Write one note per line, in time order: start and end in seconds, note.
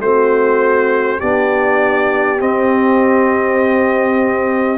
0.00 1.20 A3
0.00 1.22 C4
0.00 1.19 F#4
0.00 1.21 C5
1.19 2.42 B3
1.19 2.38 D4
1.19 4.79 G4
1.19 2.41 D5
2.38 4.78 C4
2.38 4.79 C4
2.38 4.79 D#5